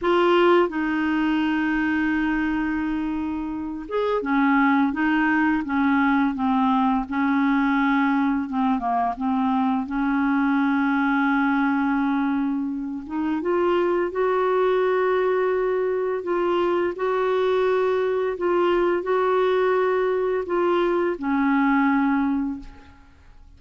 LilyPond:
\new Staff \with { instrumentName = "clarinet" } { \time 4/4 \tempo 4 = 85 f'4 dis'2.~ | dis'4. gis'8 cis'4 dis'4 | cis'4 c'4 cis'2 | c'8 ais8 c'4 cis'2~ |
cis'2~ cis'8 dis'8 f'4 | fis'2. f'4 | fis'2 f'4 fis'4~ | fis'4 f'4 cis'2 | }